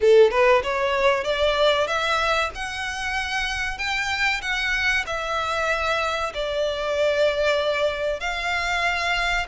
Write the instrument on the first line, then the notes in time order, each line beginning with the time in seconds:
violin
0.00 A4
0.30 B4
0.63 C#5
1.23 D5
1.87 E5
2.54 F#5
3.78 G5
4.41 F#5
5.06 E5
6.33 D5
8.20 F5